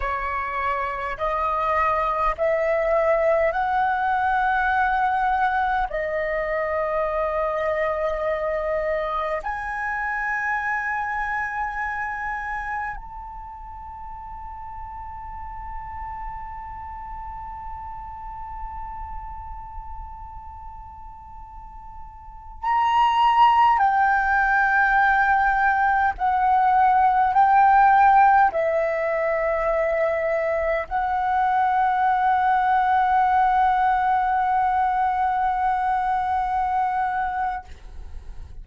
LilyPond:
\new Staff \with { instrumentName = "flute" } { \time 4/4 \tempo 4 = 51 cis''4 dis''4 e''4 fis''4~ | fis''4 dis''2. | gis''2. a''4~ | a''1~ |
a''2.~ a''16 ais''8.~ | ais''16 g''2 fis''4 g''8.~ | g''16 e''2 fis''4.~ fis''16~ | fis''1 | }